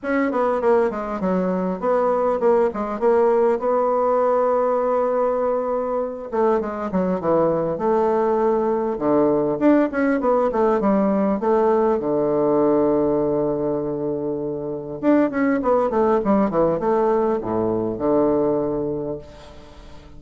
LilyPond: \new Staff \with { instrumentName = "bassoon" } { \time 4/4 \tempo 4 = 100 cis'8 b8 ais8 gis8 fis4 b4 | ais8 gis8 ais4 b2~ | b2~ b8 a8 gis8 fis8 | e4 a2 d4 |
d'8 cis'8 b8 a8 g4 a4 | d1~ | d4 d'8 cis'8 b8 a8 g8 e8 | a4 a,4 d2 | }